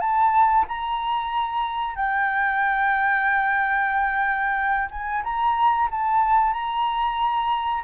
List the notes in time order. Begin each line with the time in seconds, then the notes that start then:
0.00 A5
0.68 A#5
1.96 G5
4.90 G#5
5.24 A#5
5.91 A5
6.53 A#5